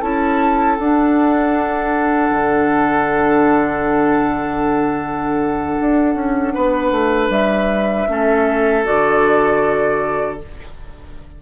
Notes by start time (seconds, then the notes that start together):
0.00 C#4 E4 A4 A5
0.75 D4 F#5
0.82 D4
2.30 D3
5.80 D4
6.15 C#4
6.54 B3 B4
6.91 A3
7.29 G3 E5
8.08 A3 C#4 A4
8.84 D3 F#4 D5